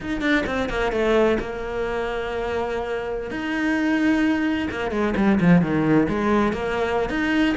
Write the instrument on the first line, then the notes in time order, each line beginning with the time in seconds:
cello
0.01 D#4
0.21 D4
0.46 C4
0.69 A#3
0.92 A3
1.39 A#3
3.31 D#4
4.71 A#3
4.91 G#3
5.16 G3
5.40 F3
5.61 D#3
6.08 G#3
6.53 A#3
7.09 D#4